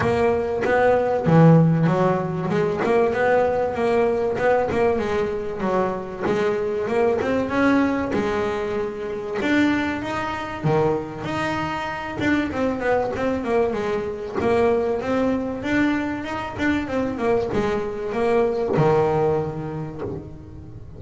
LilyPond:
\new Staff \with { instrumentName = "double bass" } { \time 4/4 \tempo 4 = 96 ais4 b4 e4 fis4 | gis8 ais8 b4 ais4 b8 ais8 | gis4 fis4 gis4 ais8 c'8 | cis'4 gis2 d'4 |
dis'4 dis4 dis'4. d'8 | c'8 b8 c'8 ais8 gis4 ais4 | c'4 d'4 dis'8 d'8 c'8 ais8 | gis4 ais4 dis2 | }